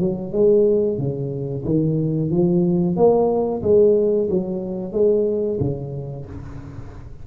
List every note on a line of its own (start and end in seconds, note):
0.00 0.32 F#3
0.32 0.98 G#3
0.98 1.64 C#3
1.65 2.30 D#3
2.30 2.96 F3
2.96 3.62 A#3
3.63 4.29 G#3
4.30 4.93 F#3
4.93 5.59 G#3
5.60 6.26 C#3